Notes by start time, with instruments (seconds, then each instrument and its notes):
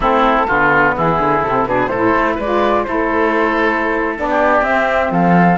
0.00 cello A3, saxophone C4, oboe E4, flute A4
0.47 cello D3, saxophone B3, oboe F4
0.96 cello E3, oboe E4, flute G#4
1.18 cello D3
1.42 cello C3, saxophone C4, flute A4
1.63 cello B2, saxophone D4, oboe G#4, flute B4
1.86 cello A2, oboe A4, flute C5
1.94 saxophone E4
2.14 cello A3
2.35 cello G#3, oboe B4, flute D5
2.43 saxophone F4
2.83 cello A3, saxophone E4, oboe A4, flute C5
4.16 cello B3, saxophone D4, flute D5
4.29 oboe G4
4.61 cello C4, saxophone C4, flute E5
5.10 cello F3, oboe A4, flute F5